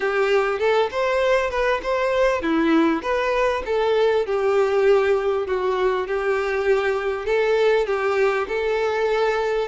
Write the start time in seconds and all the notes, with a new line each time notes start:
0.00 G4
0.59 A4
0.91 C5
1.50 B4
1.82 C5
2.42 E4
3.02 B4
3.65 A4
4.26 G4
5.46 F#4
6.07 G4
7.25 A4
7.86 G4
8.48 A4